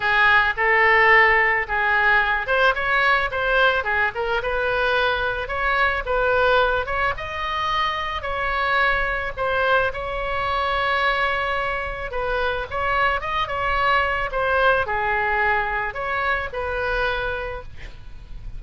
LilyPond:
\new Staff \with { instrumentName = "oboe" } { \time 4/4 \tempo 4 = 109 gis'4 a'2 gis'4~ | gis'8 c''8 cis''4 c''4 gis'8 ais'8 | b'2 cis''4 b'4~ | b'8 cis''8 dis''2 cis''4~ |
cis''4 c''4 cis''2~ | cis''2 b'4 cis''4 | dis''8 cis''4. c''4 gis'4~ | gis'4 cis''4 b'2 | }